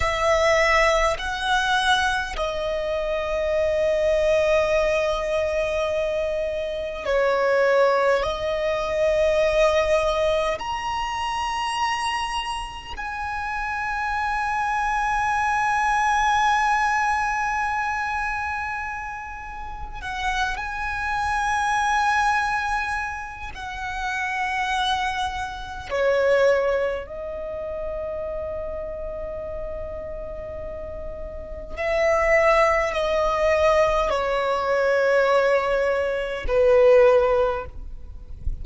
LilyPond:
\new Staff \with { instrumentName = "violin" } { \time 4/4 \tempo 4 = 51 e''4 fis''4 dis''2~ | dis''2 cis''4 dis''4~ | dis''4 ais''2 gis''4~ | gis''1~ |
gis''4 fis''8 gis''2~ gis''8 | fis''2 cis''4 dis''4~ | dis''2. e''4 | dis''4 cis''2 b'4 | }